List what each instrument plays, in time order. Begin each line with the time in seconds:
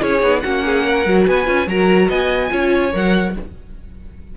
0.00 cello C#4, viola E4, violin G#4 C#5
0.21 cello B3, viola D#4
0.41 cello A#3, viola C#4, violin F#4 F#5
0.65 violin G#4
0.85 violin A#4
1.05 cello F#3, viola F#4
1.26 cello B3, violin B4 G#5
1.45 cello C#4, viola F4
1.67 cello F#3, viola F#4, violin A#4 A#5
2.09 cello B3, violin D#5 G#5
2.50 cello C#4, viola F4, violin C#5
2.93 cello F#3, viola A#4, violin F#5